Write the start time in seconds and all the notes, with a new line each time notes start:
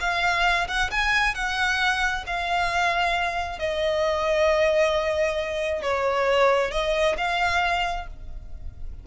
0.00 F5
0.68 F#5
0.91 G#5
1.34 F#5
2.26 F5
3.59 D#5
5.82 C#5
6.71 D#5
7.17 F5